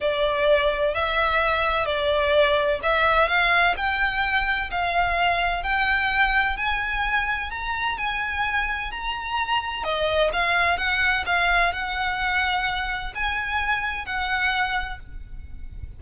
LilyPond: \new Staff \with { instrumentName = "violin" } { \time 4/4 \tempo 4 = 128 d''2 e''2 | d''2 e''4 f''4 | g''2 f''2 | g''2 gis''2 |
ais''4 gis''2 ais''4~ | ais''4 dis''4 f''4 fis''4 | f''4 fis''2. | gis''2 fis''2 | }